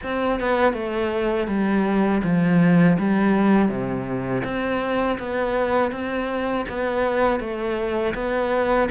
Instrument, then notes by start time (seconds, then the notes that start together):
cello
0.03 C4
0.40 B3
0.73 A3
1.47 G3
2.23 F3
2.98 G3
3.68 C3
4.43 C4
5.18 B3
5.91 C4
6.68 B3
7.40 A3
8.14 B3